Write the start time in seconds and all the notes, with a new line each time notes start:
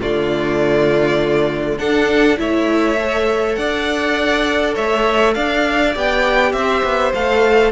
0.00 D3 A3 F4 D5
1.78 D4 A4 F#5
2.37 A3 E4 C#5 E5
2.98 A4
3.55 D4 D5 F#5
4.74 A3 C#5 E5
5.34 D4 D5 F5
5.95 B3 G4 G5
6.52 C4 C5 E5
6.83 B3
7.14 A3 A4 F5